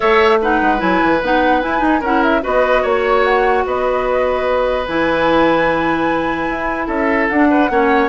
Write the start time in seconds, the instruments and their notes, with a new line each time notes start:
0.00 bassoon A3, clarinet A4, oboe C#5, flute E5
0.41 clarinet D#4, oboe B4, flute F#5
0.61 bassoon G#3
0.77 bassoon F#3, clarinet E4, flute G#5
1.03 bassoon E3
1.22 bassoon B3, clarinet D#4, flute F#5
1.61 clarinet E4, bassoon E4, flute G#5
1.79 clarinet D#4, bassoon D#4
2.00 bassoon C#4, clarinet E4, oboe A#4, flute F#5
2.23 flute E5
2.41 bassoon B3, clarinet F#4, oboe B4, flute D#5
2.82 bassoon A#3, oboe C#5, flute C#5
3.24 flute F#5
3.65 bassoon B3, oboe B4, flute D#5
4.86 bassoon E3, clarinet E4, flute G#5
6.49 bassoon E4
6.86 bassoon C#4, oboe A4, flute E5
7.28 bassoon D4, clarinet D4, flute F#5
7.50 oboe B4
7.69 bassoon A#3, clarinet C#4, oboe C#5